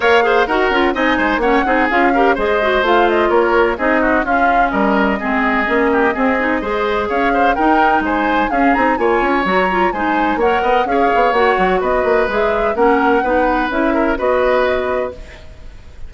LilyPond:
<<
  \new Staff \with { instrumentName = "flute" } { \time 4/4 \tempo 4 = 127 f''4 fis''4 gis''4 fis''4 | f''4 dis''4 f''8 dis''8 cis''4 | dis''4 f''4 dis''2~ | dis''2. f''4 |
g''4 gis''4 f''8 ais''8 gis''4 | ais''4 gis''4 fis''4 f''4 | fis''4 dis''4 e''4 fis''4~ | fis''4 e''4 dis''2 | }
  \new Staff \with { instrumentName = "oboe" } { \time 4/4 cis''8 c''8 ais'4 dis''8 c''8 cis''8 gis'8~ | gis'8 ais'8 c''2 ais'4 | gis'8 fis'8 f'4 ais'4 gis'4~ | gis'8 g'8 gis'4 c''4 cis''8 c''8 |
ais'4 c''4 gis'4 cis''4~ | cis''4 c''4 cis''8 dis''8 cis''4~ | cis''4 b'2 ais'4 | b'4. ais'8 b'2 | }
  \new Staff \with { instrumentName = "clarinet" } { \time 4/4 ais'8 gis'8 fis'8 f'8 dis'4 cis'8 dis'8 | f'8 g'8 gis'8 fis'8 f'2 | dis'4 cis'2 c'4 | cis'4 c'8 dis'8 gis'2 |
dis'2 cis'8 dis'8 f'4 | fis'8 f'8 dis'4 ais'4 gis'4 | fis'2 gis'4 cis'4 | dis'4 e'4 fis'2 | }
  \new Staff \with { instrumentName = "bassoon" } { \time 4/4 ais4 dis'8 cis'8 c'8 gis8 ais8 c'8 | cis'4 gis4 a4 ais4 | c'4 cis'4 g4 gis4 | ais4 c'4 gis4 cis'4 |
dis'4 gis4 cis'8 c'8 ais8 cis'8 | fis4 gis4 ais8 b8 cis'8 b8 | ais8 fis8 b8 ais8 gis4 ais4 | b4 cis'4 b2 | }
>>